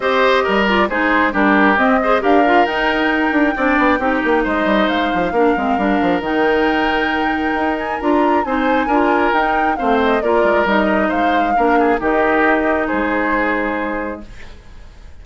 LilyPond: <<
  \new Staff \with { instrumentName = "flute" } { \time 4/4 \tempo 4 = 135 dis''4. d''8 c''4 ais'4 | dis''4 f''4 g''2~ | g''2 dis''4 f''4~ | f''2 g''2~ |
g''4. gis''8 ais''4 gis''4~ | gis''4 g''4 f''8 dis''8 d''4 | dis''4 f''2 dis''4~ | dis''4 c''2. | }
  \new Staff \with { instrumentName = "oboe" } { \time 4/4 c''4 ais'4 gis'4 g'4~ | g'8 c''8 ais'2. | d''4 g'4 c''2 | ais'1~ |
ais'2. c''4 | ais'2 c''4 ais'4~ | ais'4 c''4 ais'8 gis'8 g'4~ | g'4 gis'2. | }
  \new Staff \with { instrumentName = "clarinet" } { \time 4/4 g'4. f'8 dis'4 d'4 | c'8 gis'8 g'8 f'8 dis'2 | d'4 dis'2. | d'8 c'8 d'4 dis'2~ |
dis'2 f'4 dis'4 | f'4 dis'4 c'4 f'4 | dis'2 d'4 dis'4~ | dis'1 | }
  \new Staff \with { instrumentName = "bassoon" } { \time 4/4 c'4 g4 gis4 g4 | c'4 d'4 dis'4. d'8 | c'8 b8 c'8 ais8 gis8 g8 gis8 f8 | ais8 gis8 g8 f8 dis2~ |
dis4 dis'4 d'4 c'4 | d'4 dis'4 a4 ais8 gis8 | g4 gis4 ais4 dis4~ | dis4 gis2. | }
>>